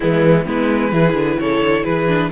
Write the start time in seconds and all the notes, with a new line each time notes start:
0.00 E3 G#3 B3 E4
0.45 G#3 B3 E4 B4
0.91 E3 E4 G#4
1.13 D3
1.39 C#3 A4 C#5
1.60 D3
1.84 E3 G#4 B4
2.07 D4